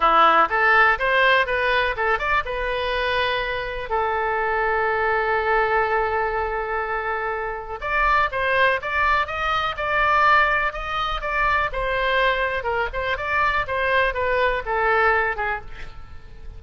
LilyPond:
\new Staff \with { instrumentName = "oboe" } { \time 4/4 \tempo 4 = 123 e'4 a'4 c''4 b'4 | a'8 d''8 b'2. | a'1~ | a'1 |
d''4 c''4 d''4 dis''4 | d''2 dis''4 d''4 | c''2 ais'8 c''8 d''4 | c''4 b'4 a'4. gis'8 | }